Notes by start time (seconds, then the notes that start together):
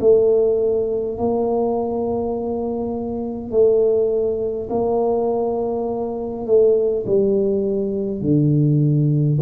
0.00 A3
1.18 A#3
3.51 A3
4.70 A#3
6.46 A3
7.06 G3
8.21 D3